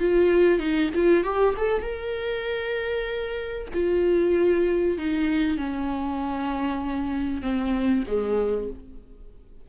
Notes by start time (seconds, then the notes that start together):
0.00 F4
0.60 D#4
0.95 F4
1.24 G4
1.57 A4
1.82 A#4
3.74 F4
4.98 D#4
5.58 C#4
7.42 C4
8.07 G#3